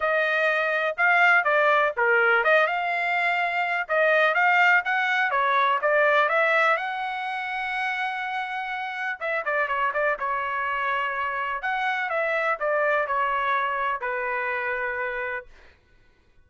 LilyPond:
\new Staff \with { instrumentName = "trumpet" } { \time 4/4 \tempo 4 = 124 dis''2 f''4 d''4 | ais'4 dis''8 f''2~ f''8 | dis''4 f''4 fis''4 cis''4 | d''4 e''4 fis''2~ |
fis''2. e''8 d''8 | cis''8 d''8 cis''2. | fis''4 e''4 d''4 cis''4~ | cis''4 b'2. | }